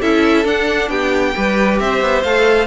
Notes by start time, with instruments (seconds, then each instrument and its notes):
0.00 cello C#4, viola E4, violin A4 E5
0.44 viola D4, cello D4, violin F#5
0.89 cello B3, violin G4 G5
1.35 cello G3, viola G4, violin B4
1.79 cello C4, violin C5 E5
2.01 cello B3
2.22 cello A3, viola A4, violin F5